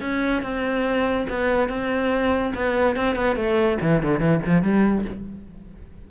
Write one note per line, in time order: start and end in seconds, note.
0.00 0.42 C#4
0.42 1.26 C4
1.29 1.68 B3
1.68 2.53 C4
2.54 2.96 B3
2.96 3.15 C4
3.15 3.36 B3
3.36 3.78 A3
3.81 4.02 E3
4.02 4.19 D3
4.19 4.40 E3
4.45 4.62 F3
4.62 5.04 G3